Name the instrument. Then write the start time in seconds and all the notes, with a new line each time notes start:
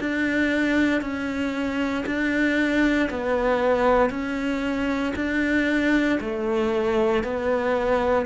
cello
0.00 D4
1.01 C#4
2.06 D4
3.10 B3
4.10 C#4
5.16 D4
6.20 A3
7.24 B3